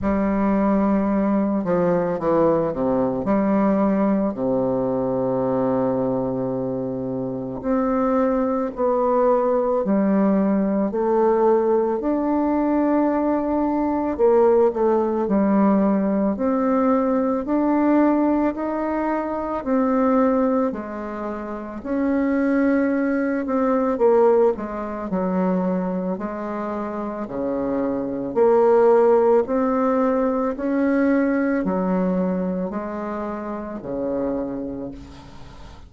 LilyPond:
\new Staff \with { instrumentName = "bassoon" } { \time 4/4 \tempo 4 = 55 g4. f8 e8 c8 g4 | c2. c'4 | b4 g4 a4 d'4~ | d'4 ais8 a8 g4 c'4 |
d'4 dis'4 c'4 gis4 | cis'4. c'8 ais8 gis8 fis4 | gis4 cis4 ais4 c'4 | cis'4 fis4 gis4 cis4 | }